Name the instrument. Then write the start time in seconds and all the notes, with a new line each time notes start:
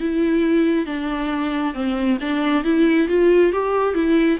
viola
0.00 E4
0.86 D4
1.74 C4
2.21 D4
2.64 E4
3.08 F4
3.53 G4
3.95 E4